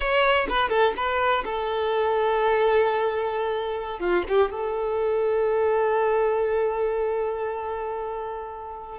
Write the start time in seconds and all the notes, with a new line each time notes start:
0.00 C#5
0.49 B4
0.69 A4
0.96 B4
1.45 A4
3.99 F4
4.28 G4
4.50 A4